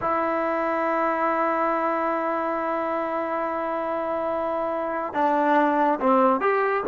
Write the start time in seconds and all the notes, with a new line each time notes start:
0.01 E4
5.13 D4
6.00 C4
6.40 G4